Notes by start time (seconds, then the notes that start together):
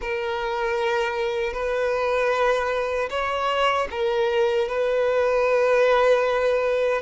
0.01 A#4
1.53 B4
3.10 C#5
3.90 A#4
4.68 B4